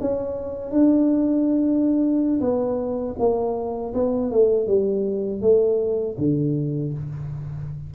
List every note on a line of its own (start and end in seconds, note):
0.00 0.71 C#4
0.71 2.40 D4
2.40 3.15 B3
3.18 3.93 A#3
3.94 4.31 B3
4.31 4.67 A3
4.67 5.41 G3
5.41 6.16 A3
6.18 6.93 D3